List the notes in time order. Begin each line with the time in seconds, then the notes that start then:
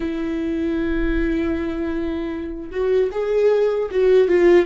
0.00 E4
2.71 F#4
3.11 G#4
3.91 F#4
4.28 F4